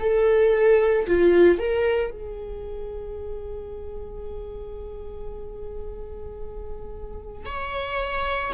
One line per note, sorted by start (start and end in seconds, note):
0.00 1.07 A4
1.08 1.59 F4
1.59 2.11 A#4
2.11 7.46 G#4
7.46 8.53 C#5